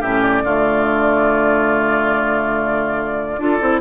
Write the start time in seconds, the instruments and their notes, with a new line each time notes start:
0.00 bassoon A2, clarinet C#4, oboe G4, flute E5
0.22 flute D5
0.44 bassoon D3, clarinet A3, oboe F4
3.38 bassoon D4, clarinet F4, oboe A4
3.61 bassoon C4, clarinet E4